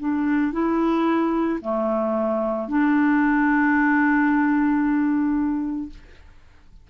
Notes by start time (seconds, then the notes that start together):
0.00 D4
0.53 E4
1.62 A3
2.68 D4